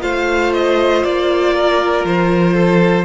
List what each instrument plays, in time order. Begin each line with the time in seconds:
0.00 cello A3, viola F4, violin C5 F5
0.54 violin D#5
1.04 cello A#3, violin D5
1.54 violin A#4
2.04 cello F3, violin C5
2.54 violin A4